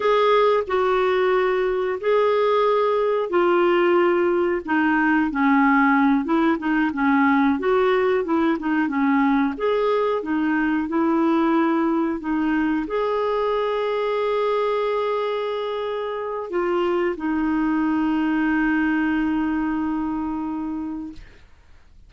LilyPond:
\new Staff \with { instrumentName = "clarinet" } { \time 4/4 \tempo 4 = 91 gis'4 fis'2 gis'4~ | gis'4 f'2 dis'4 | cis'4. e'8 dis'8 cis'4 fis'8~ | fis'8 e'8 dis'8 cis'4 gis'4 dis'8~ |
dis'8 e'2 dis'4 gis'8~ | gis'1~ | gis'4 f'4 dis'2~ | dis'1 | }